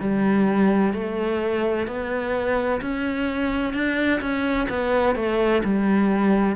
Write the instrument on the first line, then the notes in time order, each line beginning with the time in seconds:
cello
0.00 G3
0.94 A3
1.87 B3
2.81 C#4
3.73 D4
4.21 C#4
4.69 B3
5.16 A3
5.64 G3